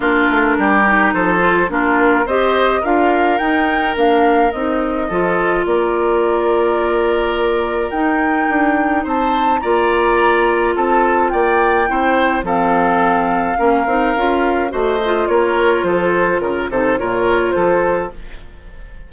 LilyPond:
<<
  \new Staff \with { instrumentName = "flute" } { \time 4/4 \tempo 4 = 106 ais'2 c''4 ais'4 | dis''4 f''4 g''4 f''4 | dis''2 d''2~ | d''2 g''2 |
a''4 ais''2 a''4 | g''2 f''2~ | f''2 dis''4 cis''4 | c''4 ais'8 c''8 cis''4 c''4 | }
  \new Staff \with { instrumentName = "oboe" } { \time 4/4 f'4 g'4 a'4 f'4 | c''4 ais'2.~ | ais'4 a'4 ais'2~ | ais'1 |
c''4 d''2 a'4 | d''4 c''4 a'2 | ais'2 c''4 ais'4 | a'4 ais'8 a'8 ais'4 a'4 | }
  \new Staff \with { instrumentName = "clarinet" } { \time 4/4 d'4. dis'4 f'8 d'4 | g'4 f'4 dis'4 d'4 | dis'4 f'2.~ | f'2 dis'2~ |
dis'4 f'2.~ | f'4 e'4 c'2 | cis'8 dis'8 f'4 fis'8 f'4.~ | f'4. dis'8 f'2 | }
  \new Staff \with { instrumentName = "bassoon" } { \time 4/4 ais8 a8 g4 f4 ais4 | c'4 d'4 dis'4 ais4 | c'4 f4 ais2~ | ais2 dis'4 d'4 |
c'4 ais2 c'4 | ais4 c'4 f2 | ais8 c'8 cis'4 a4 ais4 | f4 cis8 c8 ais,4 f4 | }
>>